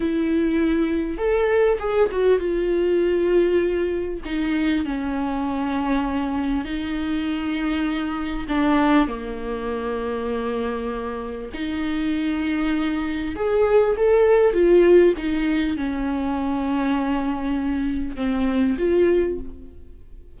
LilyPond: \new Staff \with { instrumentName = "viola" } { \time 4/4 \tempo 4 = 99 e'2 a'4 gis'8 fis'8 | f'2. dis'4 | cis'2. dis'4~ | dis'2 d'4 ais4~ |
ais2. dis'4~ | dis'2 gis'4 a'4 | f'4 dis'4 cis'2~ | cis'2 c'4 f'4 | }